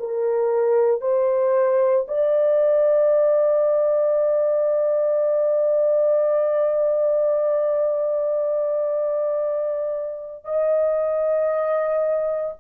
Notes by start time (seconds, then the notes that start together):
0.00 A#4
1.01 C5
2.08 D5
10.45 D#5